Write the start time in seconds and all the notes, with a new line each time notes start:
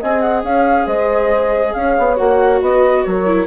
0.00 C4 G#4 D#5 G#5
0.20 F#5
0.43 C#4 C#5 F5
0.86 G#3 C5 D#5
1.73 C#4 C#5 F5
1.98 B3
2.16 A#3 F#4 F#5
2.61 B3 B4 D#5
3.03 F#3 A#4 C#5
3.26 E4